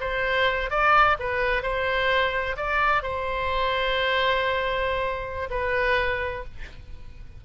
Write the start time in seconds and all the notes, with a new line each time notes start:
0.00 C5
0.70 D5
1.19 B4
1.62 C5
2.57 D5
3.03 C5
5.50 B4